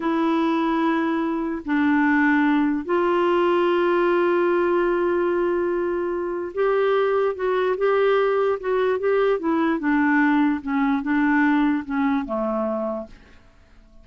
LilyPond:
\new Staff \with { instrumentName = "clarinet" } { \time 4/4 \tempo 4 = 147 e'1 | d'2. f'4~ | f'1~ | f'1 |
g'2 fis'4 g'4~ | g'4 fis'4 g'4 e'4 | d'2 cis'4 d'4~ | d'4 cis'4 a2 | }